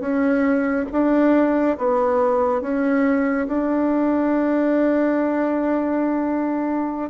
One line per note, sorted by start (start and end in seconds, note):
0.00 0.86 C#4
0.92 1.77 D4
1.78 2.61 B3
2.61 3.47 C#4
3.47 7.10 D4